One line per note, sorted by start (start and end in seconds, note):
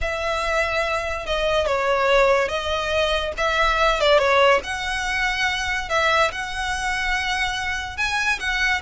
0.01 1.26 E5
1.26 1.66 D#5
1.66 2.48 C#5
2.48 3.32 D#5
3.37 4.00 E5
4.00 4.18 D5
4.18 4.60 C#5
4.63 5.89 F#5
5.89 6.31 E5
6.31 7.97 F#5
7.97 8.39 G#5
8.39 8.81 F#5